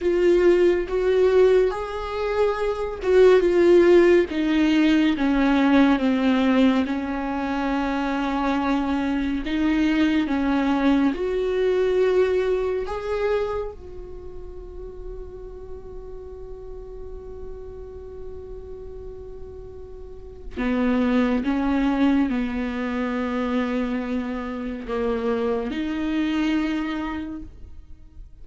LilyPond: \new Staff \with { instrumentName = "viola" } { \time 4/4 \tempo 4 = 70 f'4 fis'4 gis'4. fis'8 | f'4 dis'4 cis'4 c'4 | cis'2. dis'4 | cis'4 fis'2 gis'4 |
fis'1~ | fis'1 | b4 cis'4 b2~ | b4 ais4 dis'2 | }